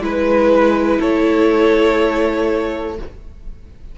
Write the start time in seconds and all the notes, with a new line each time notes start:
0.00 G#3 E4 B4
0.99 A3 A4 C#5